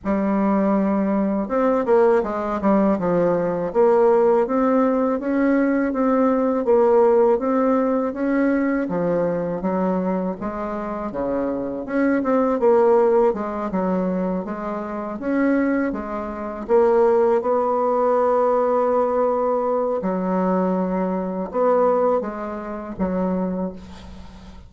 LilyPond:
\new Staff \with { instrumentName = "bassoon" } { \time 4/4 \tempo 4 = 81 g2 c'8 ais8 gis8 g8 | f4 ais4 c'4 cis'4 | c'4 ais4 c'4 cis'4 | f4 fis4 gis4 cis4 |
cis'8 c'8 ais4 gis8 fis4 gis8~ | gis8 cis'4 gis4 ais4 b8~ | b2. fis4~ | fis4 b4 gis4 fis4 | }